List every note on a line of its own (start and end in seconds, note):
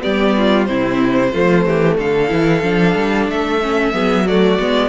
0.00 0.69 G3
0.00 0.65 B3
0.00 0.35 G4
0.00 0.65 D5
0.37 0.69 F4
0.65 1.34 C3
0.65 1.33 C4
0.65 1.33 E4
0.65 1.95 C5
1.33 1.65 F3
1.33 2.28 A3
1.33 1.65 F4
1.65 1.98 E3
1.65 1.97 G4
1.97 2.31 D3
1.97 3.93 A4
1.97 3.30 F5
2.28 2.62 E3
2.28 2.61 E4
2.62 2.95 F3
2.62 3.60 D4
2.95 3.28 G3
3.28 3.93 A3
3.28 4.27 E5
3.62 3.93 C#4
3.93 4.58 F#3
3.93 4.25 B3
3.93 4.25 G#4
4.26 4.59 A3
4.26 4.89 F#4
4.26 4.89 D5
4.59 4.89 G#3
4.59 4.89 B3